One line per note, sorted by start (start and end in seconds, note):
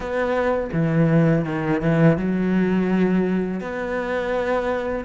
0.00 0.70 B3
0.72 1.45 E3
1.45 1.81 D#3
1.81 2.17 E3
2.17 3.60 F#3
3.60 5.04 B3